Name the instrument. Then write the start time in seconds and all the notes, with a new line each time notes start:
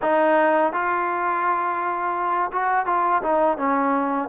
trombone
0.02 D#4
0.72 F4
2.52 F#4
2.86 F4
3.22 D#4
3.57 C#4